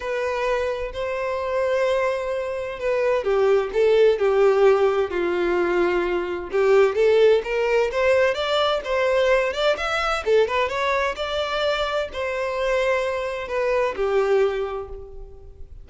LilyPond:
\new Staff \with { instrumentName = "violin" } { \time 4/4 \tempo 4 = 129 b'2 c''2~ | c''2 b'4 g'4 | a'4 g'2 f'4~ | f'2 g'4 a'4 |
ais'4 c''4 d''4 c''4~ | c''8 d''8 e''4 a'8 b'8 cis''4 | d''2 c''2~ | c''4 b'4 g'2 | }